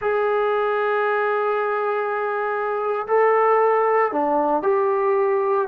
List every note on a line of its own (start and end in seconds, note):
0.01 3.06 G#4
3.07 4.12 A4
4.12 4.62 D4
4.62 5.68 G4